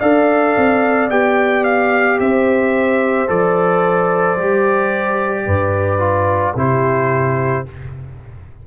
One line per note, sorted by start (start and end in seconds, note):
0.00 0.57 D4
0.00 1.10 A4
0.00 2.18 D5
0.00 1.10 F5
0.57 1.10 C4
1.10 2.19 B3
1.10 3.28 G4
1.10 1.65 G5
1.65 2.19 F5
2.20 3.29 C4
2.20 5.46 C5
2.20 3.30 E5
3.28 4.38 F3
3.28 4.37 A4
3.28 6.57 D5
4.37 5.47 G3
4.37 6.00 G4
5.46 6.55 G2
5.46 6.55 B4
6.00 6.54 F4
6.55 7.65 C3
6.55 7.66 E4
6.55 7.67 G4
6.55 7.67 C5